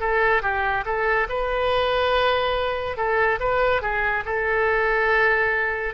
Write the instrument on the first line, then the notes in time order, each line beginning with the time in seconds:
oboe
0.00 A4
0.42 G4
0.85 A4
1.29 B4
2.97 A4
3.40 B4
3.82 G#4
4.26 A4